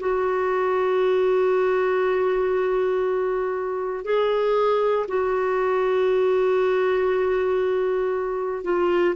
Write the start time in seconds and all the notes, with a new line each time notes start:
0.00 F#4
4.04 G#4
5.08 F#4
8.64 F4